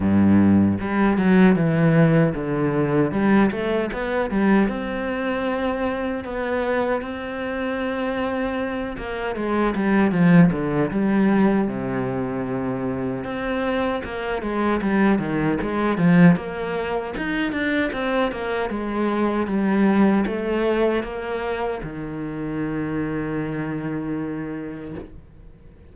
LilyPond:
\new Staff \with { instrumentName = "cello" } { \time 4/4 \tempo 4 = 77 g,4 g8 fis8 e4 d4 | g8 a8 b8 g8 c'2 | b4 c'2~ c'8 ais8 | gis8 g8 f8 d8 g4 c4~ |
c4 c'4 ais8 gis8 g8 dis8 | gis8 f8 ais4 dis'8 d'8 c'8 ais8 | gis4 g4 a4 ais4 | dis1 | }